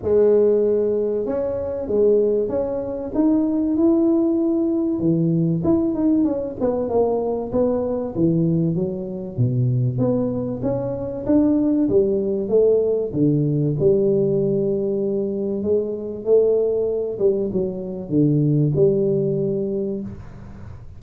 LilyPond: \new Staff \with { instrumentName = "tuba" } { \time 4/4 \tempo 4 = 96 gis2 cis'4 gis4 | cis'4 dis'4 e'2 | e4 e'8 dis'8 cis'8 b8 ais4 | b4 e4 fis4 b,4 |
b4 cis'4 d'4 g4 | a4 d4 g2~ | g4 gis4 a4. g8 | fis4 d4 g2 | }